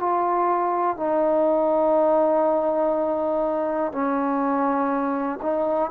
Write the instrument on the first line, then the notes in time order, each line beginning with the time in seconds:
trombone
0.00 F4
0.97 D#4
3.92 C#4
5.42 D#4